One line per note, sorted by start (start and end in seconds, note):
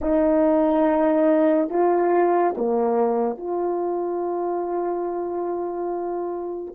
0.01 1.69 D#4
1.69 2.54 F4
2.57 3.36 A#3
3.36 6.74 F4